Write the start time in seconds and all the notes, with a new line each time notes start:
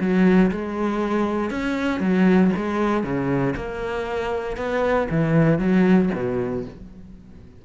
0.00 F#3
0.52 G#3
1.51 C#4
2.00 F#3
2.57 G#3
3.04 C#3
3.56 A#3
4.57 B3
5.11 E3
5.59 F#3
6.15 B2